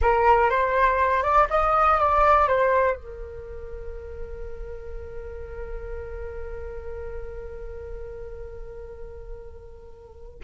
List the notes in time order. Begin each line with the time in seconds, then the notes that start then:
0.01 A#4
0.50 C5
1.22 D5
1.50 D#5
1.99 D5
2.48 C5
2.96 A#4